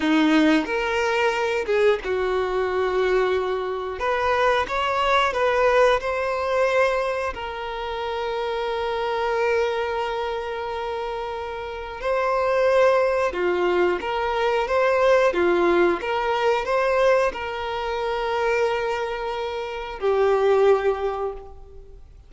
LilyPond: \new Staff \with { instrumentName = "violin" } { \time 4/4 \tempo 4 = 90 dis'4 ais'4. gis'8 fis'4~ | fis'2 b'4 cis''4 | b'4 c''2 ais'4~ | ais'1~ |
ais'2 c''2 | f'4 ais'4 c''4 f'4 | ais'4 c''4 ais'2~ | ais'2 g'2 | }